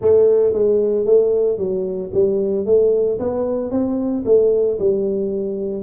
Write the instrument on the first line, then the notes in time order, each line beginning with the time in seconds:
tuba
0.01 A3
0.53 G#3
1.05 A3
1.58 F#3
2.13 G3
2.65 A3
3.19 B3
3.70 C4
4.25 A3
4.79 G3